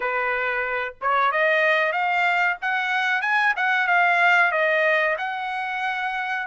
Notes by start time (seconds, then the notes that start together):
0.00 B4
1.01 C#5
1.31 D#5
1.92 F5
2.61 F#5
3.21 G#5
3.56 F#5
3.87 F5
4.51 D#5
5.18 F#5